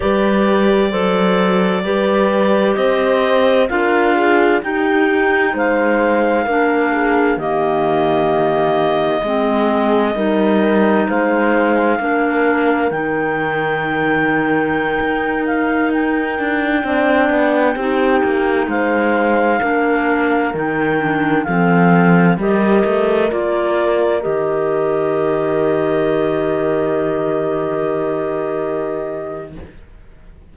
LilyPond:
<<
  \new Staff \with { instrumentName = "clarinet" } { \time 4/4 \tempo 4 = 65 d''2. dis''4 | f''4 g''4 f''2 | dis''1 | f''2 g''2~ |
g''8. f''8 g''2~ g''8.~ | g''16 f''2 g''4 f''8.~ | f''16 dis''4 d''4 dis''4.~ dis''16~ | dis''1 | }
  \new Staff \with { instrumentName = "horn" } { \time 4/4 b'4 c''4 b'4 c''4 | ais'8 gis'8 g'4 c''4 ais'8 gis'8 | g'2 gis'4 ais'4 | c''4 ais'2.~ |
ais'2~ ais'16 d''4 g'8.~ | g'16 c''4 ais'2 a'8.~ | a'16 ais'2.~ ais'8.~ | ais'1 | }
  \new Staff \with { instrumentName = "clarinet" } { \time 4/4 g'4 a'4 g'2 | f'4 dis'2 d'4 | ais2 c'4 dis'4~ | dis'4 d'4 dis'2~ |
dis'2~ dis'16 d'4 dis'8.~ | dis'4~ dis'16 d'4 dis'8 d'8 c'8.~ | c'16 g'4 f'4 g'4.~ g'16~ | g'1 | }
  \new Staff \with { instrumentName = "cello" } { \time 4/4 g4 fis4 g4 c'4 | d'4 dis'4 gis4 ais4 | dis2 gis4 g4 | gis4 ais4 dis2~ |
dis16 dis'4. d'8 c'8 b8 c'8 ais16~ | ais16 gis4 ais4 dis4 f8.~ | f16 g8 a8 ais4 dis4.~ dis16~ | dis1 | }
>>